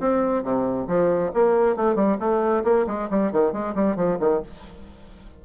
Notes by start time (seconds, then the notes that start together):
0.00 C4
0.44 C3
0.88 F3
1.34 A#3
1.76 A3
1.96 G3
2.20 A3
2.65 A#3
2.87 G#3
3.10 G3
3.32 D#3
3.53 G#3
3.75 G3
3.96 F3
4.20 D#3